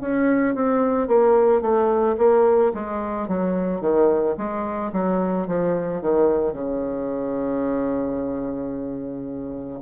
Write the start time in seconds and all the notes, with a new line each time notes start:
0.00 C#4
0.55 C4
1.08 A#3
1.61 A3
2.17 A#3
2.74 G#3
3.28 F#3
3.81 D#3
4.37 G#3
4.92 F#3
5.47 F3
6.01 D#3
6.53 C#3